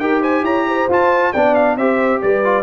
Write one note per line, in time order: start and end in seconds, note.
0.00 0.43 D#4
0.00 0.90 G4
0.00 0.21 A#4
0.00 0.22 G5
0.21 0.43 C5
0.21 0.45 G#5
0.43 0.87 E4
0.43 0.67 C#5
0.43 0.90 A#5
0.69 1.33 C5
0.89 1.33 F4
0.89 1.34 F4
0.89 1.33 A5
1.33 1.77 B3
1.33 1.80 D4
1.33 1.77 D5
1.33 1.55 G5
1.55 1.77 F5
1.77 2.21 C4
1.77 2.45 G4
1.77 2.22 C5
1.77 2.22 E5
2.22 2.64 G3
2.22 2.64 B4
2.22 2.64 D5
2.45 2.64 F4